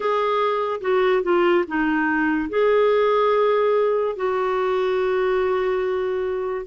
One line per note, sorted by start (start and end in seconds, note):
0.00 0.80 G#4
0.81 1.22 F#4
1.23 1.64 F4
1.67 2.49 D#4
2.49 4.16 G#4
4.16 6.66 F#4